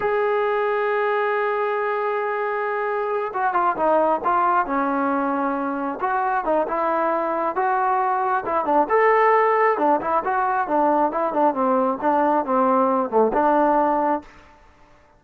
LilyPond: \new Staff \with { instrumentName = "trombone" } { \time 4/4 \tempo 4 = 135 gis'1~ | gis'2.~ gis'8 fis'8 | f'8 dis'4 f'4 cis'4.~ | cis'4. fis'4 dis'8 e'4~ |
e'4 fis'2 e'8 d'8 | a'2 d'8 e'8 fis'4 | d'4 e'8 d'8 c'4 d'4 | c'4. a8 d'2 | }